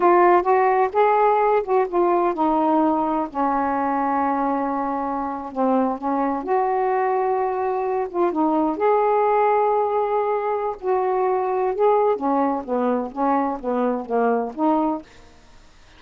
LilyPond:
\new Staff \with { instrumentName = "saxophone" } { \time 4/4 \tempo 4 = 128 f'4 fis'4 gis'4. fis'8 | f'4 dis'2 cis'4~ | cis'2.~ cis'8. c'16~ | c'8. cis'4 fis'2~ fis'16~ |
fis'4~ fis'16 f'8 dis'4 gis'4~ gis'16~ | gis'2. fis'4~ | fis'4 gis'4 cis'4 b4 | cis'4 b4 ais4 dis'4 | }